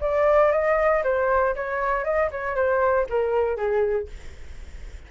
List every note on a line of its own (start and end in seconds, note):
0.00 0.51 D5
0.51 1.03 D#5
1.03 1.55 C5
1.55 2.04 C#5
2.04 2.30 D#5
2.31 2.55 C#5
2.55 3.06 C5
3.09 3.56 A#4
3.56 4.07 G#4